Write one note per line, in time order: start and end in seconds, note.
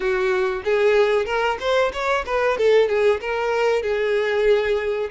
0.00 0.62 F#4
0.64 1.25 G#4
1.25 1.57 A#4
1.60 1.91 C5
1.92 2.24 C#5
2.25 2.57 B4
2.57 2.88 A4
2.88 3.20 G#4
3.20 3.82 A#4
3.82 5.10 G#4